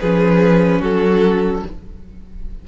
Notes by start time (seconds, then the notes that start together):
0.00 F3 C#4 G#4 B4
0.80 F#3 F#4 A4